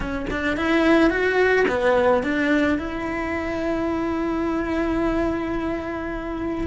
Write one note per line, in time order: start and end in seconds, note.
0.00 0.26 C#4
0.30 0.56 D4
0.56 1.10 E4
1.10 1.65 F#4
1.68 2.23 B3
2.23 2.78 D4
2.78 6.67 E4